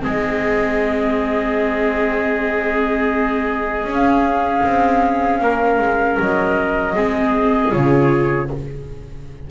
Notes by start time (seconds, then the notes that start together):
0.00 G#3 C4 G#4
0.07 D#5
3.84 C#4
3.92 F5
4.65 C4
5.41 A#3 A#4
5.79 G#3
6.20 F#3 D#5
6.95 G#3 C4 G#4
7.71 C#3 F4 C#5